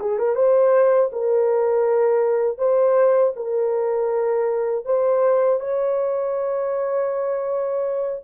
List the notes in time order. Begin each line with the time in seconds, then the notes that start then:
0.00 G#4
0.19 A#4
0.36 C5
1.13 A#4
2.58 C5
3.36 A#4
4.86 C5
5.60 C#5